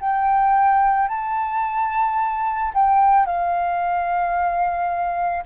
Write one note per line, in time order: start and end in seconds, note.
0.00 1.08 G5
1.08 2.72 A5
2.74 3.26 G5
3.26 5.44 F5